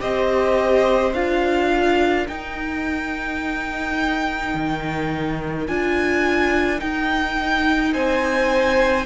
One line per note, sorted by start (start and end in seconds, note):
0.00 1.13 C4
0.00 1.13 G4
0.00 1.72 C5
0.00 1.14 D#5
1.13 2.26 D4
1.13 2.28 F4
1.13 2.27 F5
1.72 7.93 A#4
2.28 4.55 D#4
2.28 5.68 D#4
2.28 5.67 G5
4.55 5.68 D#3
5.67 6.81 D4
5.67 6.79 F4
5.67 6.80 G#5
6.79 9.05 D#4
6.79 7.94 D#4
6.79 7.94 G5
7.93 9.06 C4
7.93 9.06 C5
7.93 9.06 G#5